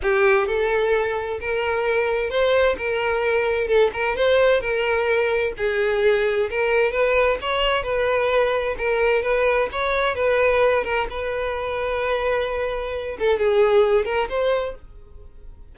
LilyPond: \new Staff \with { instrumentName = "violin" } { \time 4/4 \tempo 4 = 130 g'4 a'2 ais'4~ | ais'4 c''4 ais'2 | a'8 ais'8 c''4 ais'2 | gis'2 ais'4 b'4 |
cis''4 b'2 ais'4 | b'4 cis''4 b'4. ais'8 | b'1~ | b'8 a'8 gis'4. ais'8 c''4 | }